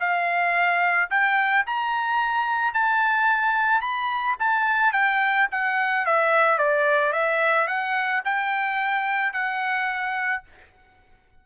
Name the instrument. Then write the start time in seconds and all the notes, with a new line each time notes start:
trumpet
0.00 F5
1.11 G5
1.66 A#5
2.74 A5
3.81 B5
4.40 A5
4.93 G5
5.52 F#5
6.06 E5
6.58 D5
7.13 E5
7.68 F#5
8.25 G5
9.33 F#5